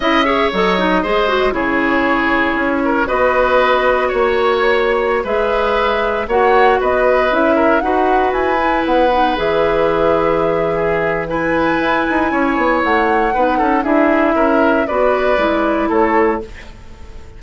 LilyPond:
<<
  \new Staff \with { instrumentName = "flute" } { \time 4/4 \tempo 4 = 117 e''4 dis''2 cis''4~ | cis''2 dis''2 | cis''2~ cis''16 e''4.~ e''16~ | e''16 fis''4 dis''4 e''4 fis''8.~ |
fis''16 gis''4 fis''4 e''4.~ e''16~ | e''2 gis''2~ | gis''4 fis''2 e''4~ | e''4 d''2 cis''4 | }
  \new Staff \with { instrumentName = "oboe" } { \time 4/4 dis''8 cis''4. c''4 gis'4~ | gis'4. ais'8 b'2 | cis''2~ cis''16 b'4.~ b'16~ | b'16 cis''4 b'4. ais'8 b'8.~ |
b'1~ | b'4 gis'4 b'2 | cis''2 b'8 a'8 gis'4 | ais'4 b'2 a'4 | }
  \new Staff \with { instrumentName = "clarinet" } { \time 4/4 e'8 gis'8 a'8 dis'8 gis'8 fis'8 e'4~ | e'2 fis'2~ | fis'2~ fis'16 gis'4.~ gis'16~ | gis'16 fis'2 e'4 fis'8.~ |
fis'8. e'4 dis'8 gis'4.~ gis'16~ | gis'2 e'2~ | e'2 dis'4 e'4~ | e'4 fis'4 e'2 | }
  \new Staff \with { instrumentName = "bassoon" } { \time 4/4 cis'4 fis4 gis4 cis4~ | cis4 cis'4 b2 | ais2~ ais16 gis4.~ gis16~ | gis16 ais4 b4 cis'4 dis'8.~ |
dis'16 e'4 b4 e4.~ e16~ | e2. e'8 dis'8 | cis'8 b8 a4 b8 cis'8 d'4 | cis'4 b4 gis4 a4 | }
>>